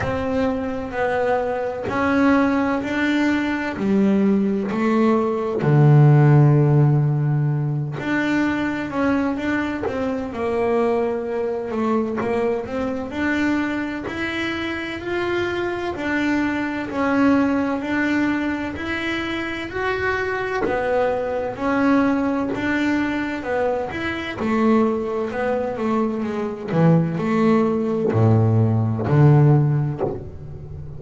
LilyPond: \new Staff \with { instrumentName = "double bass" } { \time 4/4 \tempo 4 = 64 c'4 b4 cis'4 d'4 | g4 a4 d2~ | d8 d'4 cis'8 d'8 c'8 ais4~ | ais8 a8 ais8 c'8 d'4 e'4 |
f'4 d'4 cis'4 d'4 | e'4 fis'4 b4 cis'4 | d'4 b8 e'8 a4 b8 a8 | gis8 e8 a4 a,4 d4 | }